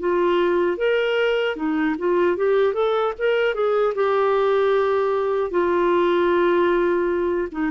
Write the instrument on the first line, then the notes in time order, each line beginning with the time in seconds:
clarinet
0.00 F4
0.78 A#4
1.56 D#4
1.98 F4
2.37 G4
2.74 A4
3.19 A#4
3.55 G#4
3.95 G4
5.51 F4
7.52 D#4